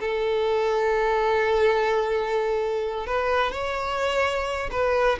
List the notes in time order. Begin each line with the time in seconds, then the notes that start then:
0.00 A4
3.06 B4
3.51 C#5
4.71 B4